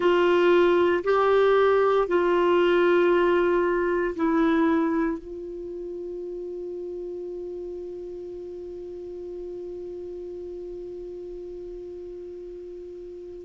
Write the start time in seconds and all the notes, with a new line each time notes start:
0.00 F4
1.03 G4
2.07 F4
4.15 E4
5.18 F4